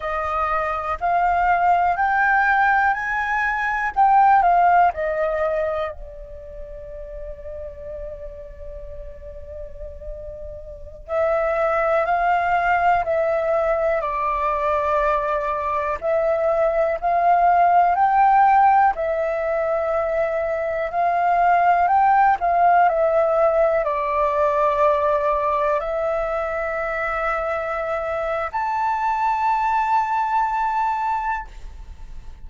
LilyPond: \new Staff \with { instrumentName = "flute" } { \time 4/4 \tempo 4 = 61 dis''4 f''4 g''4 gis''4 | g''8 f''8 dis''4 d''2~ | d''2.~ d''16 e''8.~ | e''16 f''4 e''4 d''4.~ d''16~ |
d''16 e''4 f''4 g''4 e''8.~ | e''4~ e''16 f''4 g''8 f''8 e''8.~ | e''16 d''2 e''4.~ e''16~ | e''4 a''2. | }